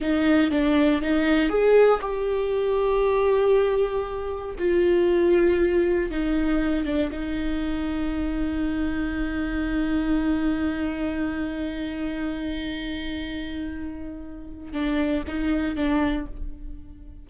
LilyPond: \new Staff \with { instrumentName = "viola" } { \time 4/4 \tempo 4 = 118 dis'4 d'4 dis'4 gis'4 | g'1~ | g'4 f'2. | dis'4. d'8 dis'2~ |
dis'1~ | dis'1~ | dis'1~ | dis'4 d'4 dis'4 d'4 | }